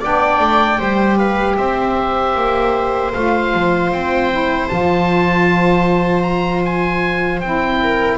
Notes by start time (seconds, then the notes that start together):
0.00 B3 D4 D5 G5
0.39 A3
0.77 G3 G4 C5
1.16 B4 F5
1.56 C4 C5 E5
2.35 A#3
3.12 A3 F4 F5
3.54 F3
3.92 C4 G5
4.30 E4
4.68 F3 F4 A5
6.22 A#5
6.65 G#5
7.40 C4 E4 G5
7.82 A#4